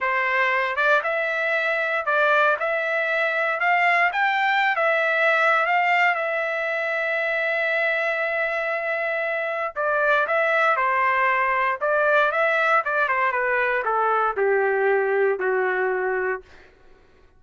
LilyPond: \new Staff \with { instrumentName = "trumpet" } { \time 4/4 \tempo 4 = 117 c''4. d''8 e''2 | d''4 e''2 f''4 | g''4~ g''16 e''4.~ e''16 f''4 | e''1~ |
e''2. d''4 | e''4 c''2 d''4 | e''4 d''8 c''8 b'4 a'4 | g'2 fis'2 | }